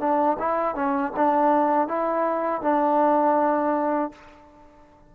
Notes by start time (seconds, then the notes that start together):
0.00 D4
0.39 E4
0.75 C#4
1.17 D4
1.88 E4
2.62 D4